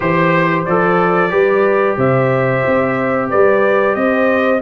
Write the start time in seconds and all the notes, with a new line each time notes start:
0.00 E3 G4 C5
0.65 F3 A4 D5
1.29 G3 G4 B4
1.97 C3 C5 E5
2.66 C4
3.29 G3 B4 D5
3.94 C4 C5 D#5